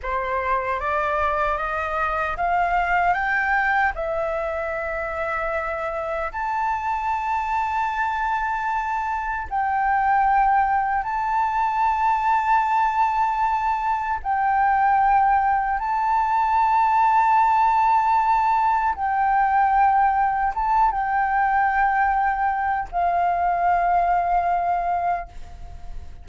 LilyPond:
\new Staff \with { instrumentName = "flute" } { \time 4/4 \tempo 4 = 76 c''4 d''4 dis''4 f''4 | g''4 e''2. | a''1 | g''2 a''2~ |
a''2 g''2 | a''1 | g''2 a''8 g''4.~ | g''4 f''2. | }